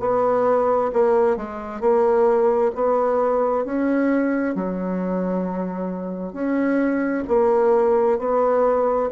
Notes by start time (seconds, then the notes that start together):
0.00 B3
0.93 A#3
1.37 G#3
1.81 A#3
2.75 B3
3.65 C#4
4.55 F#3
6.33 C#4
7.28 A#3
8.19 B3